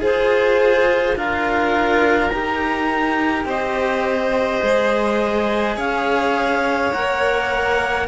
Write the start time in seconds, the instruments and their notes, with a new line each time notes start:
0.00 cello F4 G#4, violin G#4, clarinet C5
1.16 cello D4 F4, violin A#4, clarinet F5
2.30 cello D#4 G4, clarinet A#5
3.45 cello C4, violin C5, clarinet D#5
4.62 cello G#3 G#4
5.76 cello C#4, violin C#5, clarinet F5
6.93 cello A#3 A#4, clarinet F#5